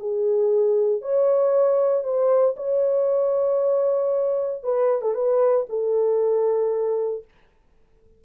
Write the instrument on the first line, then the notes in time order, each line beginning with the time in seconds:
horn
0.00 G#4
1.02 C#5
2.04 C5
2.57 C#5
4.63 B4
5.02 A4
5.15 B4
5.69 A4